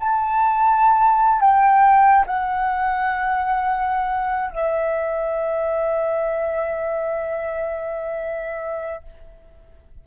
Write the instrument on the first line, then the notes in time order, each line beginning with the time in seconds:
flute
0.00 A5
1.40 G5
2.27 F#5
4.51 E5